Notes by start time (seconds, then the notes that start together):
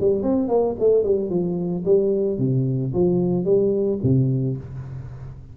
0.00 G3
0.23 C4
0.48 A#3
0.79 A3
1.03 G3
1.30 F3
1.85 G3
2.38 C3
2.94 F3
3.45 G3
4.03 C3